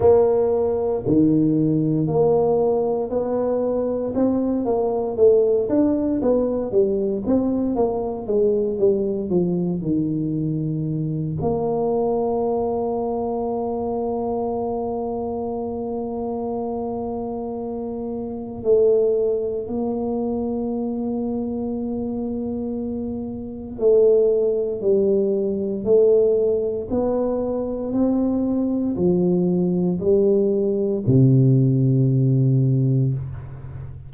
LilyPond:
\new Staff \with { instrumentName = "tuba" } { \time 4/4 \tempo 4 = 58 ais4 dis4 ais4 b4 | c'8 ais8 a8 d'8 b8 g8 c'8 ais8 | gis8 g8 f8 dis4. ais4~ | ais1~ |
ais2 a4 ais4~ | ais2. a4 | g4 a4 b4 c'4 | f4 g4 c2 | }